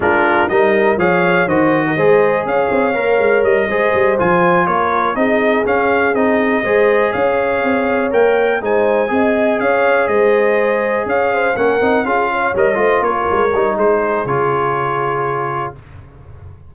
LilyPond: <<
  \new Staff \with { instrumentName = "trumpet" } { \time 4/4 \tempo 4 = 122 ais'4 dis''4 f''4 dis''4~ | dis''4 f''2 dis''4~ | dis''8 gis''4 cis''4 dis''4 f''8~ | f''8 dis''2 f''4.~ |
f''8 g''4 gis''2 f''8~ | f''8 dis''2 f''4 fis''8~ | fis''8 f''4 dis''4 cis''4. | c''4 cis''2. | }
  \new Staff \with { instrumentName = "horn" } { \time 4/4 f'4 ais'4 cis''4 c''8. ais'16 | c''4 cis''2~ cis''8 c''8~ | c''4. ais'4 gis'4.~ | gis'4. c''4 cis''4.~ |
cis''4. c''4 dis''4 cis''8~ | cis''8 c''2 cis''8 c''8 ais'8~ | ais'8 gis'8 cis''4 c''8 ais'4. | gis'1 | }
  \new Staff \with { instrumentName = "trombone" } { \time 4/4 d'4 dis'4 gis'4 fis'4 | gis'2 ais'4. gis'8~ | gis'8 f'2 dis'4 cis'8~ | cis'8 dis'4 gis'2~ gis'8~ |
gis'8 ais'4 dis'4 gis'4.~ | gis'2.~ gis'8 cis'8 | dis'8 f'4 ais'8 f'4. dis'8~ | dis'4 f'2. | }
  \new Staff \with { instrumentName = "tuba" } { \time 4/4 gis4 g4 f4 dis4 | gis4 cis'8 c'8 ais8 gis8 g8 gis8 | g8 f4 ais4 c'4 cis'8~ | cis'8 c'4 gis4 cis'4 c'8~ |
c'8 ais4 gis4 c'4 cis'8~ | cis'8 gis2 cis'4 ais8 | c'8 cis'4 g8 a8 ais8 gis8 g8 | gis4 cis2. | }
>>